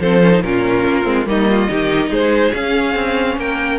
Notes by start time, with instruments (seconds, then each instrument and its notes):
0.00 cello F3, viola C4, violin A4 C5
0.23 viola C#4
0.32 viola D#4
0.42 cello A#2, viola C#4, violin F4 A#4
0.87 cello A#3
1.04 cello G#3, viola C4
1.26 cello G3, viola A#3, violin D#4 D#5
1.50 violin F4
1.69 cello D#3, viola D#4, violin G4
2.10 cello G#3, violin G#4 C5
2.54 viola C#4, cello C#4, violin F5
2.95 cello C4
3.37 cello A#3, violin A#4 G5